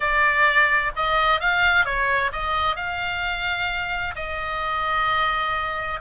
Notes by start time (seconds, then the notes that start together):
0.00 D5
0.96 D#5
1.40 F5
1.85 C#5
2.32 D#5
2.76 F5
4.15 D#5